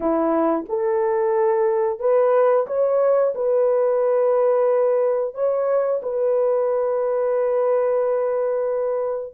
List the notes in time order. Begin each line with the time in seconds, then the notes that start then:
0.00 E4
0.68 A4
1.99 B4
2.67 C#5
3.35 B4
5.34 C#5
6.02 B4